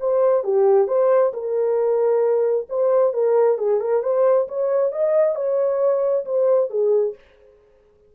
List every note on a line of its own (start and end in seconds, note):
0.00 0.44 C5
0.44 0.87 G4
0.87 1.32 C5
1.33 2.67 A#4
2.69 3.13 C5
3.13 3.58 A#4
3.58 3.80 G#4
3.80 4.03 A#4
4.03 4.47 C5
4.48 4.92 C#5
4.92 5.35 D#5
5.35 6.25 C#5
6.25 6.70 C5
6.70 7.15 G#4